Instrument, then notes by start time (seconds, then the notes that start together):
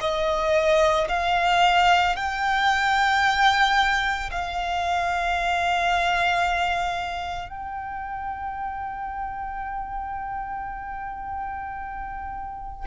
violin
0.00 D#5
1.08 F5
2.16 G5
4.31 F5
7.50 G5